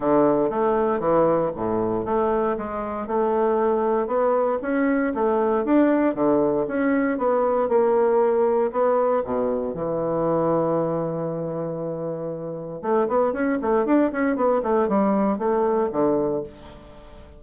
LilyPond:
\new Staff \with { instrumentName = "bassoon" } { \time 4/4 \tempo 4 = 117 d4 a4 e4 a,4 | a4 gis4 a2 | b4 cis'4 a4 d'4 | d4 cis'4 b4 ais4~ |
ais4 b4 b,4 e4~ | e1~ | e4 a8 b8 cis'8 a8 d'8 cis'8 | b8 a8 g4 a4 d4 | }